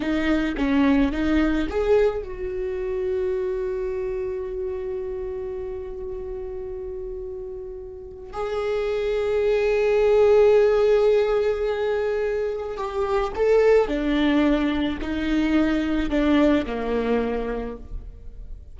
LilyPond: \new Staff \with { instrumentName = "viola" } { \time 4/4 \tempo 4 = 108 dis'4 cis'4 dis'4 gis'4 | fis'1~ | fis'1~ | fis'2. gis'4~ |
gis'1~ | gis'2. g'4 | a'4 d'2 dis'4~ | dis'4 d'4 ais2 | }